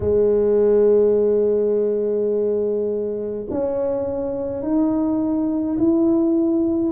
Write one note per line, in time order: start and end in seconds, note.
0.00 3.46 G#3
3.50 4.62 C#4
4.62 5.77 D#4
5.78 6.92 E4